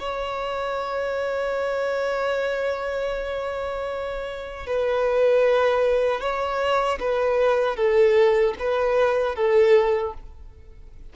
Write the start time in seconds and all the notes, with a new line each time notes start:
0.00 C#5
4.67 B4
6.21 C#5
7.00 B4
7.77 A4
8.60 B4
9.36 A4